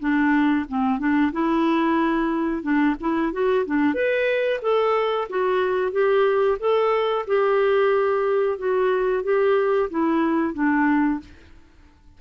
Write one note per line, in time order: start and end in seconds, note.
0.00 0.66 D4
0.69 0.99 C4
0.99 1.32 D4
1.32 2.63 E4
2.63 2.96 D4
3.00 3.33 E4
3.33 3.66 F#4
3.66 3.94 D4
3.94 4.60 B4
4.62 5.28 A4
5.30 5.92 F#4
5.92 6.58 G4
6.60 7.26 A4
7.27 8.59 G4
8.59 9.24 F#4
9.24 9.90 G4
9.91 10.54 E4
10.54 11.20 D4